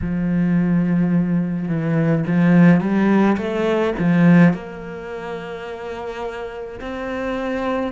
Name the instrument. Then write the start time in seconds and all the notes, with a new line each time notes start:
cello
0.01 F3
1.68 E3
2.26 F3
2.80 G3
3.37 A3
3.98 F3
4.53 A#3
6.80 C4